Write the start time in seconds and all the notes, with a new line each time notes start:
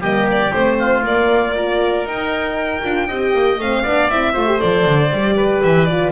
0.00 G3 A#3 G4 D#5
0.31 D5
0.53 A3 C4 C5
0.78 F4
1.03 A#3 D5
1.54 F4 A#4
2.04 D#4 G5
2.83 D4 F4
3.07 C4 G4 D#5
3.33 A#3
3.58 A3 C4 F5
3.82 B3 D4 D5
4.10 C4 E4 E5
4.33 A3 F4 C5
4.46 G4
4.58 F3 A4 D5
4.85 D3
5.11 G3 G4
5.36 B4
5.63 E3 E5
5.85 F4 D5